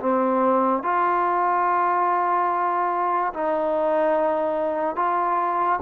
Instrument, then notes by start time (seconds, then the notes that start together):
trombone
0.00 C4
0.83 F4
3.33 D#4
4.96 F4